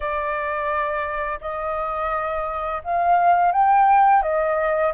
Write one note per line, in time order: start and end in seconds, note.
0.00 1.39 D5
1.41 2.82 D#5
2.84 3.52 F5
3.52 4.22 G5
4.22 4.93 D#5